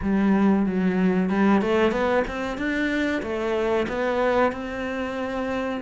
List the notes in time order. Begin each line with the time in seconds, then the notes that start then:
0.02 G3
0.66 F#3
1.29 G3
1.61 A3
1.91 B3
2.27 C4
2.57 D4
3.22 A3
3.88 B3
4.52 C4